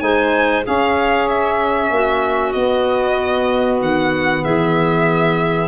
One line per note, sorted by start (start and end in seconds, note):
0.00 0.64 G#3
0.00 0.63 D#4
0.00 0.65 C5
0.00 0.63 G#5
0.64 2.54 C#4
0.64 1.91 C#4
0.64 1.92 G#4
0.64 1.30 F5
1.30 2.53 E5
1.91 2.54 A#3
1.91 4.45 F#4
2.53 3.81 B3
2.53 5.69 B3
2.53 3.79 D#5
3.81 4.44 D#3
3.81 4.44 F#5
4.44 5.69 E3
4.44 5.69 G#4
4.44 5.69 E5